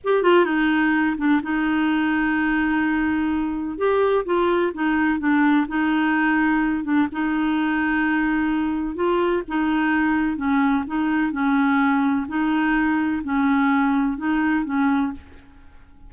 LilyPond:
\new Staff \with { instrumentName = "clarinet" } { \time 4/4 \tempo 4 = 127 g'8 f'8 dis'4. d'8 dis'4~ | dis'1 | g'4 f'4 dis'4 d'4 | dis'2~ dis'8 d'8 dis'4~ |
dis'2. f'4 | dis'2 cis'4 dis'4 | cis'2 dis'2 | cis'2 dis'4 cis'4 | }